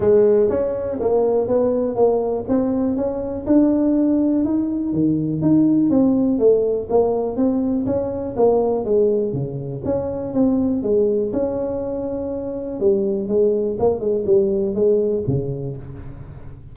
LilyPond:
\new Staff \with { instrumentName = "tuba" } { \time 4/4 \tempo 4 = 122 gis4 cis'4 ais4 b4 | ais4 c'4 cis'4 d'4~ | d'4 dis'4 dis4 dis'4 | c'4 a4 ais4 c'4 |
cis'4 ais4 gis4 cis4 | cis'4 c'4 gis4 cis'4~ | cis'2 g4 gis4 | ais8 gis8 g4 gis4 cis4 | }